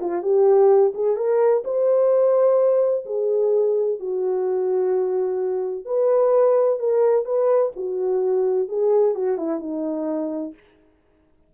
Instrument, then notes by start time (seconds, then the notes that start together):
horn
0.00 F4
0.22 G4
0.94 G#4
1.16 A#4
1.64 C5
3.06 G#4
4.00 F#4
5.85 B4
6.79 A#4
7.25 B4
7.76 F#4
8.68 G#4
9.15 F#4
9.37 E4
9.59 D#4